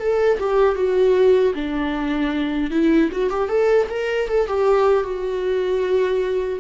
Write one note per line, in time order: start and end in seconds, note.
0.00 0.39 A4
0.40 0.76 G4
0.76 1.54 F#4
1.55 2.71 D4
2.71 3.10 E4
3.12 3.30 F#4
3.30 3.49 G4
3.49 3.88 A4
3.90 4.29 A#4
4.29 4.48 A4
4.48 5.04 G4
5.04 6.60 F#4